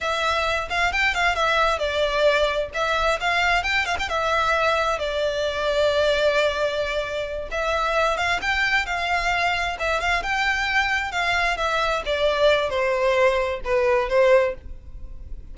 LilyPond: \new Staff \with { instrumentName = "violin" } { \time 4/4 \tempo 4 = 132 e''4. f''8 g''8 f''8 e''4 | d''2 e''4 f''4 | g''8 f''16 g''16 e''2 d''4~ | d''1~ |
d''8 e''4. f''8 g''4 f''8~ | f''4. e''8 f''8 g''4.~ | g''8 f''4 e''4 d''4. | c''2 b'4 c''4 | }